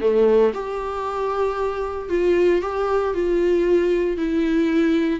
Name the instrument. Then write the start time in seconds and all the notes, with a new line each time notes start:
viola
0.00 A3
0.53 G4
2.09 F4
2.61 G4
3.14 F4
4.17 E4